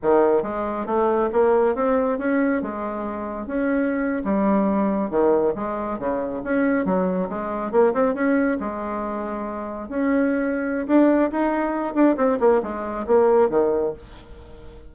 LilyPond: \new Staff \with { instrumentName = "bassoon" } { \time 4/4 \tempo 4 = 138 dis4 gis4 a4 ais4 | c'4 cis'4 gis2 | cis'4.~ cis'16 g2 dis16~ | dis8. gis4 cis4 cis'4 fis16~ |
fis8. gis4 ais8 c'8 cis'4 gis16~ | gis2~ gis8. cis'4~ cis'16~ | cis'4 d'4 dis'4. d'8 | c'8 ais8 gis4 ais4 dis4 | }